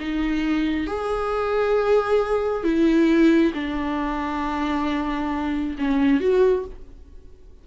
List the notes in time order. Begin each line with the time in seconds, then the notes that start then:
0.00 D#4
0.87 G#4
2.64 E4
3.54 D4
5.79 C#4
6.21 F#4